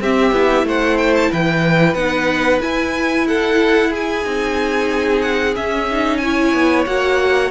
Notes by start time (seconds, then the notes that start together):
0.00 C4 G4 E5
0.32 B3 E4
0.63 A3 C5 F#5
0.97 G5
1.15 A5
1.31 E3 B4 G5
1.94 B3 D#4 F#5
2.61 E4 G#5
3.28 A4 F#5
3.90 G#4 G#5
4.24 C4 D#4
5.21 F#5
5.55 C#4 E5
5.91 D#4
6.17 E4 C#5 G#5
6.53 B3
6.86 A#3 F#4 F#5